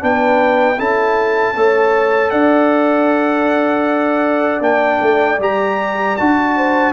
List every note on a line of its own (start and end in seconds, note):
0.00 0.79 B3
0.00 0.77 D4
0.00 0.79 B4
0.00 0.80 G5
0.78 1.56 C#4
0.78 1.55 E4
0.78 1.55 A4
0.78 2.31 A5
1.56 2.32 A3
1.56 4.62 A4
1.56 2.32 C#5
2.31 4.61 D4
2.31 6.55 D5
2.31 4.62 F#5
4.61 4.99 A#3
4.61 5.38 D4
4.61 5.40 G5
5.01 5.39 A3
5.40 6.17 G3
5.40 6.18 G4
5.40 6.17 A#5
6.17 6.93 D4
6.17 6.93 F#4
6.17 6.93 A5
6.56 6.93 C5